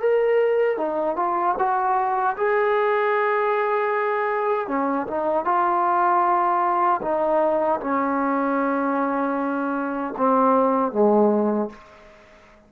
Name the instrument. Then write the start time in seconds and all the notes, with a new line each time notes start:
trombone
0.00 A#4
0.77 D#4
1.16 F4
1.58 F#4
2.37 G#4
4.68 C#4
5.07 D#4
5.45 F4
7.02 D#4
7.80 C#4
10.17 C4
10.92 G#3